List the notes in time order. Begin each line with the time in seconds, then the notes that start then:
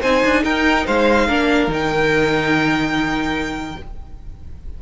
0.00 C4 D#4 C5 G#5
0.24 D4
0.44 D#4 A#4 G5
0.86 G#3 C5 F5
1.27 A#3 D4 A#4
1.67 D#3 D#4
1.73 G5